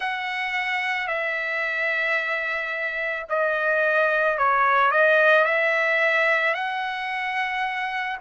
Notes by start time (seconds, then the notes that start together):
0.00 F#5
1.07 E5
3.29 D#5
4.38 C#5
4.91 D#5
5.44 E5
6.54 F#5